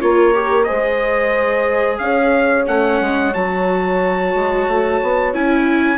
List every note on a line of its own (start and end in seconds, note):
0.00 0.69 A#3
0.00 0.34 F4
0.00 0.67 A#4
0.00 0.64 C#5
0.34 0.66 G4
0.64 2.66 G#4
0.64 2.00 C5
0.64 1.97 D#5
0.70 1.99 G#3
1.98 2.66 C#4
1.98 5.97 C#5
1.98 2.65 F5
2.66 3.01 A3
2.66 3.32 C#4
2.66 3.34 F#5
3.01 3.34 G#3
3.34 4.34 F#3
3.34 5.34 F#4
3.34 5.34 A5
4.34 4.67 G#3
4.67 5.01 A3
5.02 5.33 B3
5.33 5.97 C#4
5.33 5.97 E4
5.33 5.97 G#5